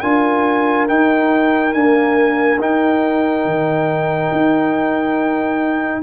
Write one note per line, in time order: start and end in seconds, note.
0.00 0.88 D4
0.00 0.88 F4
0.00 6.00 A#4
0.00 0.86 G#5
0.88 1.72 D#4
0.88 1.73 D#4
0.88 1.73 G5
1.72 2.57 A#3
1.72 2.59 D4
1.72 2.59 G#5
2.59 3.45 D#4
2.59 6.02 D#4
2.59 6.02 G5
3.45 4.30 D#3
4.31 6.02 D#4